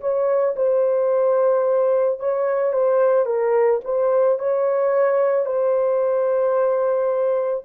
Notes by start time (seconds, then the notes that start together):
0.00 C#5
0.56 C5
2.20 C#5
2.73 C5
3.25 A#4
3.84 C5
4.39 C#5
5.45 C5